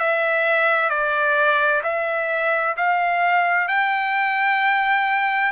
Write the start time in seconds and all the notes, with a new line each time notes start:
0.00 E5
0.90 D5
1.84 E5
2.77 F5
3.68 G5